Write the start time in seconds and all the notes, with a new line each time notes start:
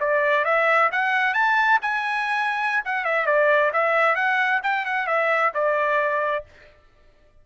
0.00 D5
0.44 E5
0.92 F#5
1.34 A5
1.82 G#5
2.85 F#5
3.04 E5
3.26 D5
3.73 E5
4.15 F#5
4.63 G5
4.85 F#5
5.07 E5
5.54 D5